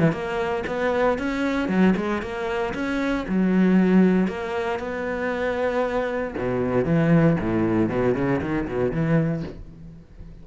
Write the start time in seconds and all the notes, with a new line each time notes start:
0.00 E3
0.12 A#3
0.67 B3
1.18 C#4
1.69 F#3
1.97 G#3
2.22 A#3
2.74 C#4
3.29 F#3
4.28 A#3
4.79 B3
6.38 B2
6.85 E3
7.40 A2
7.89 B2
8.15 C#3
8.41 D#3
8.68 B2
8.92 E3